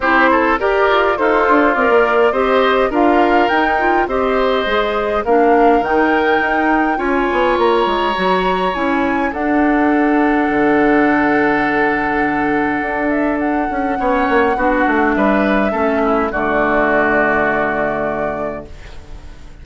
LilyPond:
<<
  \new Staff \with { instrumentName = "flute" } { \time 4/4 \tempo 4 = 103 c''4 d''4 c''4 d''4 | dis''4 f''4 g''4 dis''4~ | dis''4 f''4 g''2 | gis''4 ais''2 gis''4 |
fis''1~ | fis''2~ fis''8 e''8 fis''4~ | fis''2 e''2 | d''1 | }
  \new Staff \with { instrumentName = "oboe" } { \time 4/4 g'8 a'8 ais'4 f'2 | c''4 ais'2 c''4~ | c''4 ais'2. | cis''1 |
a'1~ | a'1 | cis''4 fis'4 b'4 a'8 e'8 | fis'1 | }
  \new Staff \with { instrumentName = "clarinet" } { \time 4/4 e'4 g'4 a'4 ais'4 | g'4 f'4 dis'8 f'8 g'4 | gis'4 d'4 dis'2 | f'2 fis'4 e'4 |
d'1~ | d'1 | cis'4 d'2 cis'4 | a1 | }
  \new Staff \with { instrumentName = "bassoon" } { \time 4/4 c'4 g'8 f'8 dis'8 d'8 c'16 ais8. | c'4 d'4 dis'4 c'4 | gis4 ais4 dis4 dis'4 | cis'8 b8 ais8 gis8 fis4 cis'4 |
d'2 d2~ | d2 d'4. cis'8 | b8 ais8 b8 a8 g4 a4 | d1 | }
>>